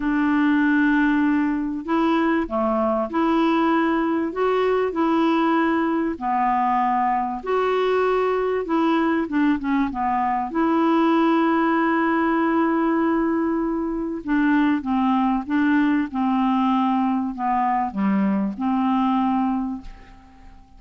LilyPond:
\new Staff \with { instrumentName = "clarinet" } { \time 4/4 \tempo 4 = 97 d'2. e'4 | a4 e'2 fis'4 | e'2 b2 | fis'2 e'4 d'8 cis'8 |
b4 e'2.~ | e'2. d'4 | c'4 d'4 c'2 | b4 g4 c'2 | }